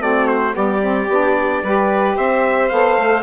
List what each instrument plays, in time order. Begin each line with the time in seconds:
0.00 bassoon A3, saxophone C4, violin F#4, trumpet D5
0.27 trumpet C5
0.53 bassoon G3, saxophone B3, violin G4, trumpet D5
0.81 saxophone C4
1.08 bassoon B3, saxophone D4
1.63 bassoon G3, saxophone G4, violin B4
2.16 bassoon C4, violin C5, trumpet E5
2.69 bassoon B3, saxophone A4, trumpet F5
2.98 bassoon A3